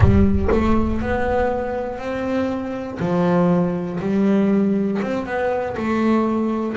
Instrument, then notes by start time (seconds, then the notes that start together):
double bass
0.00 G3
0.51 A3
1.01 B3
1.98 C4
3.00 F3
4.00 G3
5.02 C4
5.25 B3
5.76 A3